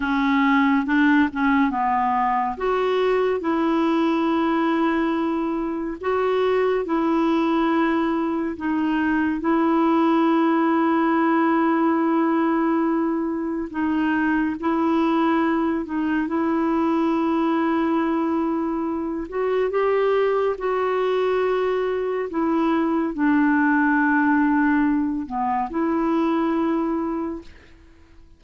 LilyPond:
\new Staff \with { instrumentName = "clarinet" } { \time 4/4 \tempo 4 = 70 cis'4 d'8 cis'8 b4 fis'4 | e'2. fis'4 | e'2 dis'4 e'4~ | e'1 |
dis'4 e'4. dis'8 e'4~ | e'2~ e'8 fis'8 g'4 | fis'2 e'4 d'4~ | d'4. b8 e'2 | }